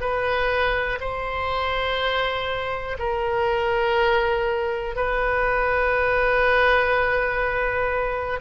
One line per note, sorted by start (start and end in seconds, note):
0.00 0.98 B4
1.00 2.97 C5
2.99 4.95 A#4
4.95 8.40 B4